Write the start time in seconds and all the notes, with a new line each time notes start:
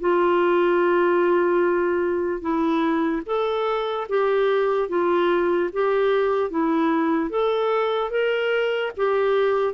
0.00 F4
2.41 E4
3.26 A4
4.09 G4
4.89 F4
5.73 G4
6.50 E4
7.30 A4
8.10 A#4
8.97 G4